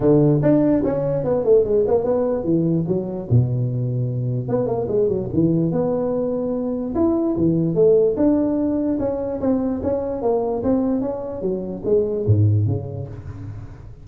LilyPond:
\new Staff \with { instrumentName = "tuba" } { \time 4/4 \tempo 4 = 147 d4 d'4 cis'4 b8 a8 | gis8 ais8 b4 e4 fis4 | b,2. b8 ais8 | gis8 fis8 e4 b2~ |
b4 e'4 e4 a4 | d'2 cis'4 c'4 | cis'4 ais4 c'4 cis'4 | fis4 gis4 gis,4 cis4 | }